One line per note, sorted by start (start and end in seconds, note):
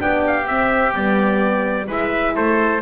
0.00 0.47 B3
0.00 0.47 D4
0.00 1.87 G4
0.00 0.24 G5
0.27 0.47 F5
0.47 0.94 C4
0.47 0.95 C4
0.47 0.95 E5
0.94 1.89 G3
0.94 1.87 B3
0.94 1.90 D5
1.87 2.36 G#3
1.87 2.82 E4
1.87 2.34 B4
1.87 2.36 E5
2.35 2.82 A3
2.35 2.82 A4
2.35 2.82 C5